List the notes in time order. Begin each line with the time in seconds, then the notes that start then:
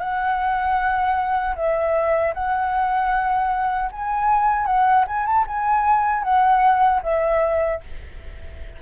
0.00 F#5
1.56 E5
2.34 F#5
3.92 G#5
4.66 F#5
5.08 G#5
5.26 A5
5.48 G#5
6.24 F#5
7.03 E5